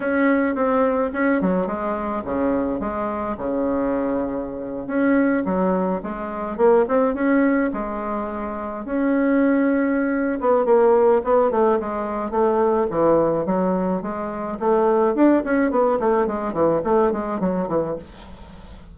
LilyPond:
\new Staff \with { instrumentName = "bassoon" } { \time 4/4 \tempo 4 = 107 cis'4 c'4 cis'8 fis8 gis4 | cis4 gis4 cis2~ | cis8. cis'4 fis4 gis4 ais16~ | ais16 c'8 cis'4 gis2 cis'16~ |
cis'2~ cis'8 b8 ais4 | b8 a8 gis4 a4 e4 | fis4 gis4 a4 d'8 cis'8 | b8 a8 gis8 e8 a8 gis8 fis8 e8 | }